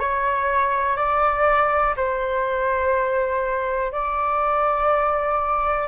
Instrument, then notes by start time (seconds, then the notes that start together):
flute
0.00 C#5
0.97 D5
1.97 C5
3.93 D5